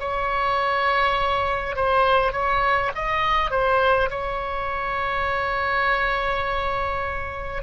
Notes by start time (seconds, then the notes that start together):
0.00 C#5
1.76 C5
2.33 C#5
2.95 D#5
3.51 C5
4.11 C#5